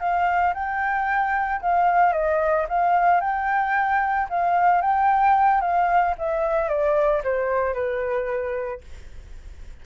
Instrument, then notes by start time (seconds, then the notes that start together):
flute
0.00 F5
0.54 G5
1.62 F5
2.13 D#5
2.69 F5
3.21 G5
4.30 F5
4.82 G5
5.61 F5
6.18 E5
6.69 D5
7.24 C5
7.74 B4